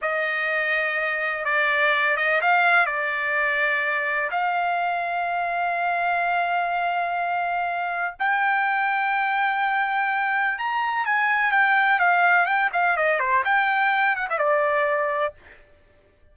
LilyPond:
\new Staff \with { instrumentName = "trumpet" } { \time 4/4 \tempo 4 = 125 dis''2. d''4~ | d''8 dis''8 f''4 d''2~ | d''4 f''2.~ | f''1~ |
f''4 g''2.~ | g''2 ais''4 gis''4 | g''4 f''4 g''8 f''8 dis''8 c''8 | g''4. fis''16 e''16 d''2 | }